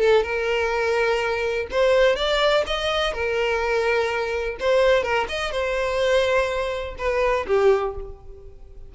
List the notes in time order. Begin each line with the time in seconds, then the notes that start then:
0.00 A4
0.23 A#4
1.71 C5
2.16 D5
2.66 D#5
3.13 A#4
4.60 C5
5.03 A#4
5.28 D#5
5.51 C5
6.98 B4
7.47 G4